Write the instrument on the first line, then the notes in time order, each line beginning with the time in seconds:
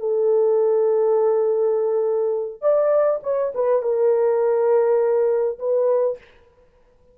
horn
0.00 A4
2.62 D5
3.24 C#5
3.55 B4
3.83 A#4
5.59 B4